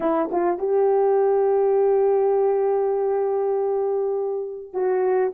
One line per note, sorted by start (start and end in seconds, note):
0.00 0.30 E4
0.31 0.58 F4
0.58 4.73 G4
4.73 5.32 F#4